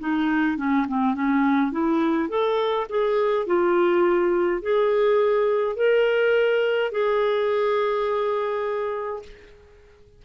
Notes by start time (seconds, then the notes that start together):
0.00 D#4
0.58 C#4
0.89 C4
1.15 C#4
1.72 E4
2.29 A4
2.90 G#4
3.47 F4
4.63 G#4
5.76 A#4
6.92 G#4